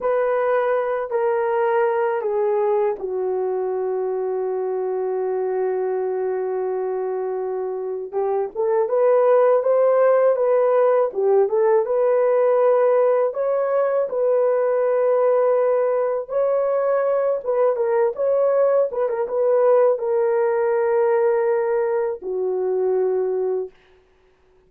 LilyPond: \new Staff \with { instrumentName = "horn" } { \time 4/4 \tempo 4 = 81 b'4. ais'4. gis'4 | fis'1~ | fis'2. g'8 a'8 | b'4 c''4 b'4 g'8 a'8 |
b'2 cis''4 b'4~ | b'2 cis''4. b'8 | ais'8 cis''4 b'16 ais'16 b'4 ais'4~ | ais'2 fis'2 | }